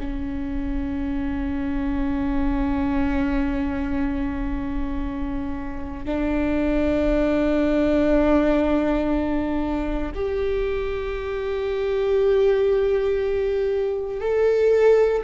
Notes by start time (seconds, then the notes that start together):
0.00 C#4
6.06 D4
10.15 G4
14.21 A4